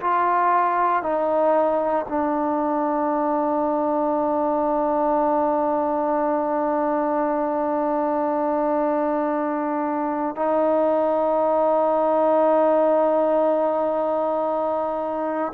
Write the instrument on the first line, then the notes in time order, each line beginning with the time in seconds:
trombone
0.00 F4
1.02 D#4
2.08 D4
10.35 D#4